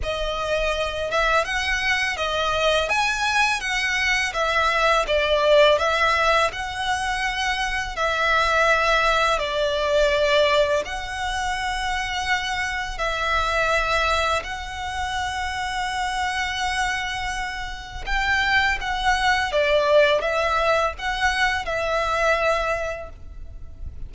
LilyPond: \new Staff \with { instrumentName = "violin" } { \time 4/4 \tempo 4 = 83 dis''4. e''8 fis''4 dis''4 | gis''4 fis''4 e''4 d''4 | e''4 fis''2 e''4~ | e''4 d''2 fis''4~ |
fis''2 e''2 | fis''1~ | fis''4 g''4 fis''4 d''4 | e''4 fis''4 e''2 | }